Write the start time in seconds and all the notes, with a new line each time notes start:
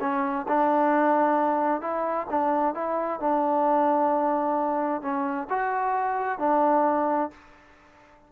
0.00 C#4
0.48 D4
1.81 E4
2.30 D4
2.74 E4
3.20 D4
5.02 C#4
5.49 F#4
6.39 D4